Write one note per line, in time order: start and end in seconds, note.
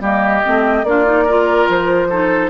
0.00 0.42 G3
0.00 0.43 A#3
0.00 0.85 G4
0.00 0.84 D#5
0.43 0.83 A3
0.43 0.85 C4
0.83 1.66 A#3
0.83 1.05 D4
0.83 1.24 F4
0.83 1.68 D5
1.05 1.26 D#4
1.24 2.10 F4
1.24 2.07 A#4
1.68 2.49 F3
1.68 2.49 C5
2.09 2.49 D#4
2.09 2.49 A4